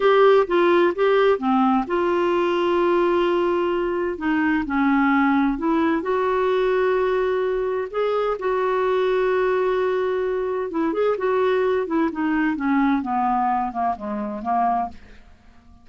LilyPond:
\new Staff \with { instrumentName = "clarinet" } { \time 4/4 \tempo 4 = 129 g'4 f'4 g'4 c'4 | f'1~ | f'4 dis'4 cis'2 | e'4 fis'2.~ |
fis'4 gis'4 fis'2~ | fis'2. e'8 gis'8 | fis'4. e'8 dis'4 cis'4 | b4. ais8 gis4 ais4 | }